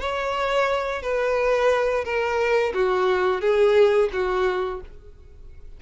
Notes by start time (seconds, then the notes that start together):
0.00 C#5
1.02 B4
2.04 A#4
2.73 F#4
3.41 G#4
4.12 F#4